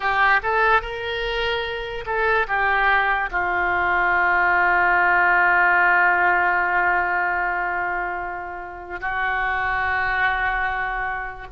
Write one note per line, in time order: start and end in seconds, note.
0.00 0.40 G4
0.43 0.81 A4
0.81 2.04 A#4
2.05 2.47 A4
2.47 3.29 G4
3.31 9.00 F4
9.00 11.47 F#4